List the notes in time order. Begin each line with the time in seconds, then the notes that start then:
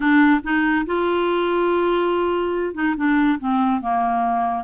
0.00 D4
0.43 D#4
0.86 F4
2.74 D#4
2.96 D4
3.39 C4
3.81 A#3